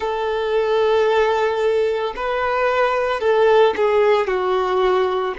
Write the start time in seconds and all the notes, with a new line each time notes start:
0.00 A4
2.15 B4
3.20 A4
3.76 G#4
4.27 F#4